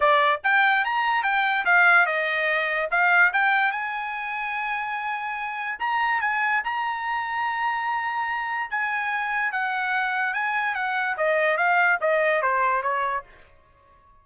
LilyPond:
\new Staff \with { instrumentName = "trumpet" } { \time 4/4 \tempo 4 = 145 d''4 g''4 ais''4 g''4 | f''4 dis''2 f''4 | g''4 gis''2.~ | gis''2 ais''4 gis''4 |
ais''1~ | ais''4 gis''2 fis''4~ | fis''4 gis''4 fis''4 dis''4 | f''4 dis''4 c''4 cis''4 | }